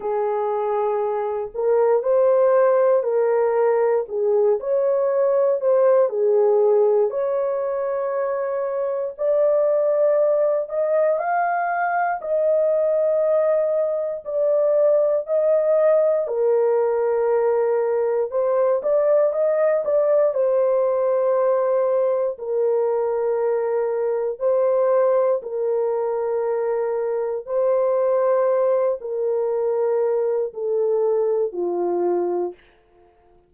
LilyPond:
\new Staff \with { instrumentName = "horn" } { \time 4/4 \tempo 4 = 59 gis'4. ais'8 c''4 ais'4 | gis'8 cis''4 c''8 gis'4 cis''4~ | cis''4 d''4. dis''8 f''4 | dis''2 d''4 dis''4 |
ais'2 c''8 d''8 dis''8 d''8 | c''2 ais'2 | c''4 ais'2 c''4~ | c''8 ais'4. a'4 f'4 | }